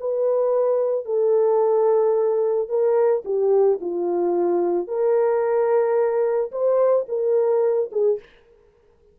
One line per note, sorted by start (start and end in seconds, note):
0.00 1.06 B4
1.06 2.69 A4
2.69 3.24 A#4
3.25 3.79 G4
3.81 4.88 F4
4.88 6.51 A#4
6.52 7.06 C5
7.08 7.90 A#4
7.92 8.19 G#4